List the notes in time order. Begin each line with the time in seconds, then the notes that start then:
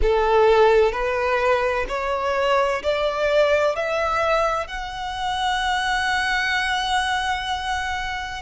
0.02 A4
0.92 B4
1.88 C#5
2.82 D5
3.75 E5
4.67 F#5